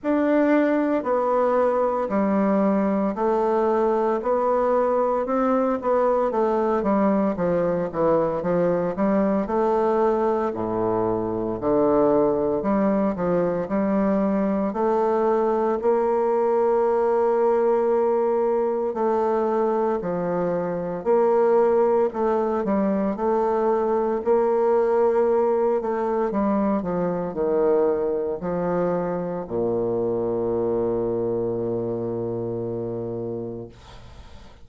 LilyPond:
\new Staff \with { instrumentName = "bassoon" } { \time 4/4 \tempo 4 = 57 d'4 b4 g4 a4 | b4 c'8 b8 a8 g8 f8 e8 | f8 g8 a4 a,4 d4 | g8 f8 g4 a4 ais4~ |
ais2 a4 f4 | ais4 a8 g8 a4 ais4~ | ais8 a8 g8 f8 dis4 f4 | ais,1 | }